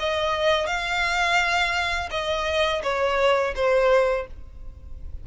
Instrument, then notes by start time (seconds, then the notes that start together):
violin
0.00 D#5
0.67 F5
2.11 D#5
2.83 C#5
3.56 C5